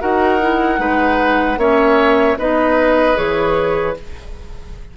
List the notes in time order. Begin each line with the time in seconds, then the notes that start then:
0.00 D#4 F#4 A#4 F#5
0.41 E4
0.78 G#3 D#4 B4
1.57 A#3 C#4 C#5 E5
2.38 B3 D#4 B4 D#5
3.15 E3 G#4 C#5